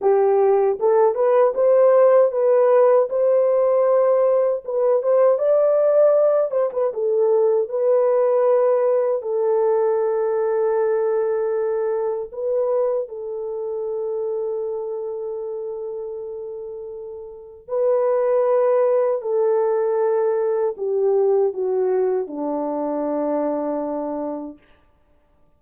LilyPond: \new Staff \with { instrumentName = "horn" } { \time 4/4 \tempo 4 = 78 g'4 a'8 b'8 c''4 b'4 | c''2 b'8 c''8 d''4~ | d''8 c''16 b'16 a'4 b'2 | a'1 |
b'4 a'2.~ | a'2. b'4~ | b'4 a'2 g'4 | fis'4 d'2. | }